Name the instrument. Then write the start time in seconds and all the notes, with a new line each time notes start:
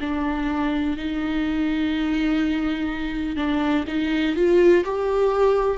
viola
0.00 D4
0.97 D#4
3.36 D4
3.87 D#4
4.36 F4
4.85 G4